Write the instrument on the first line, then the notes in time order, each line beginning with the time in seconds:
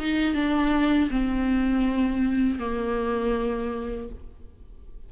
viola
0.00 D#4
0.35 D4
1.10 C4
2.59 A#3